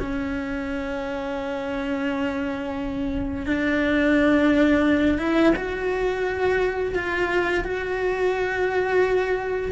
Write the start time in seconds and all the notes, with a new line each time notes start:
0.00 C#4
3.47 D4
5.19 E4
5.56 F#4
6.95 F4
7.65 F#4